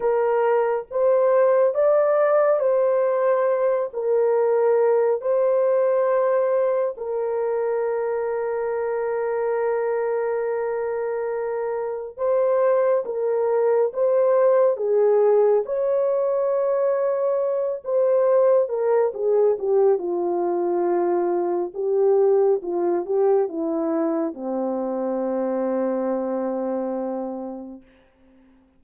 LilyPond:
\new Staff \with { instrumentName = "horn" } { \time 4/4 \tempo 4 = 69 ais'4 c''4 d''4 c''4~ | c''8 ais'4. c''2 | ais'1~ | ais'2 c''4 ais'4 |
c''4 gis'4 cis''2~ | cis''8 c''4 ais'8 gis'8 g'8 f'4~ | f'4 g'4 f'8 g'8 e'4 | c'1 | }